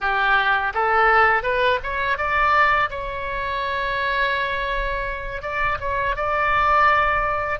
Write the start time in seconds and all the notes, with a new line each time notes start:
0.00 G4
0.74 A4
1.43 B4
1.83 C#5
2.17 D5
2.90 C#5
5.42 D5
5.80 C#5
6.15 D5